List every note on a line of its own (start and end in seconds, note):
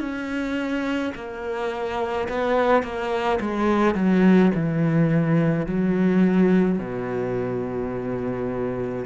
0.00 1.13 C#4
1.15 2.28 A#3
2.28 2.83 B3
2.83 3.40 A#3
3.41 3.95 G#3
3.95 4.52 F#3
4.54 5.67 E3
5.67 6.79 F#3
6.79 9.05 B2